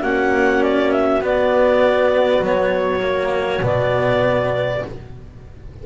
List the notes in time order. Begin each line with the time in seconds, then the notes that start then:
0.00 A#3 C#4 F#4 F#5
0.62 D5
0.92 E5
1.20 B3 D5
2.40 F#3 C#5
3.00 A#3
3.62 B2 B3 D5